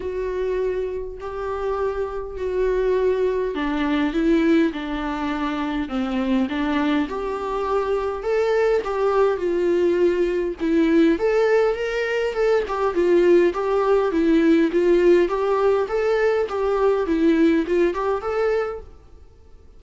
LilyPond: \new Staff \with { instrumentName = "viola" } { \time 4/4 \tempo 4 = 102 fis'2 g'2 | fis'2 d'4 e'4 | d'2 c'4 d'4 | g'2 a'4 g'4 |
f'2 e'4 a'4 | ais'4 a'8 g'8 f'4 g'4 | e'4 f'4 g'4 a'4 | g'4 e'4 f'8 g'8 a'4 | }